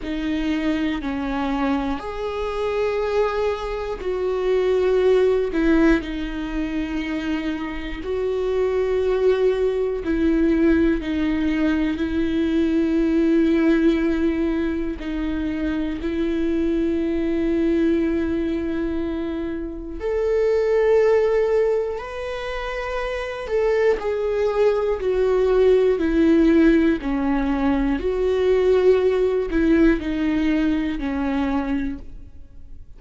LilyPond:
\new Staff \with { instrumentName = "viola" } { \time 4/4 \tempo 4 = 60 dis'4 cis'4 gis'2 | fis'4. e'8 dis'2 | fis'2 e'4 dis'4 | e'2. dis'4 |
e'1 | a'2 b'4. a'8 | gis'4 fis'4 e'4 cis'4 | fis'4. e'8 dis'4 cis'4 | }